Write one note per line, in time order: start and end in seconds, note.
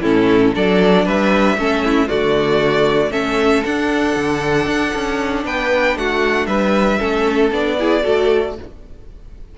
0.00 0.53 A2
0.00 0.53 C#4
0.00 0.52 E4
0.00 0.54 A4
0.54 1.07 F#3
0.54 1.57 D4
0.54 1.04 A4
0.54 1.07 D5
1.04 1.56 G3
1.04 1.56 B4
1.04 2.08 E5
1.56 2.08 A3
1.56 2.08 C#4
1.56 1.84 A4
1.84 2.07 E4
2.07 3.10 D3
2.07 3.11 A3
2.07 3.10 F#4
2.07 3.12 D5
3.10 3.62 A3
3.10 3.63 C#4
3.10 5.44 A4
3.10 3.63 E5
3.64 6.99 D4
3.64 4.16 D4
3.64 5.45 F#5
4.16 4.66 D3
4.66 4.92 D4
4.94 5.44 C#4
5.44 5.96 B3
5.44 5.98 B4
5.44 5.97 G5
5.96 6.46 A3
5.96 6.47 F#4
5.96 6.46 F#5
6.46 6.98 G3
6.46 6.98 B4
6.46 7.50 E5
6.98 7.51 A3
6.98 7.51 C#4
6.98 7.76 A4
7.51 8.03 B3
7.51 7.78 D4
7.51 8.56 D5
7.79 8.02 E4
7.79 8.03 G#4
8.02 8.58 A3
8.02 8.54 F#4
8.02 8.55 A4